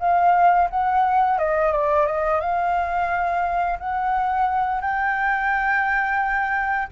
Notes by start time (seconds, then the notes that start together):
0.00 F5
0.70 F#5
1.39 D#5
1.72 D5
2.07 D#5
2.41 F5
3.80 F#5
4.82 G5